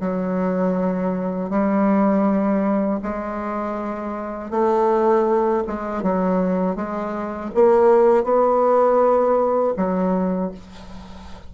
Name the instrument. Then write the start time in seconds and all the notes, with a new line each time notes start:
bassoon
0.00 F#3
1.50 G3
3.02 G#3
4.51 A3
5.67 G#3
6.02 F#3
6.76 G#3
7.54 A#3
8.24 B3
9.76 F#3